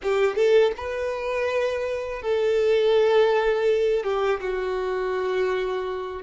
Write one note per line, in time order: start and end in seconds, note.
0.02 0.35 G4
0.35 0.72 A4
0.76 2.22 B4
2.22 4.03 A4
4.03 4.40 G4
4.40 6.22 F#4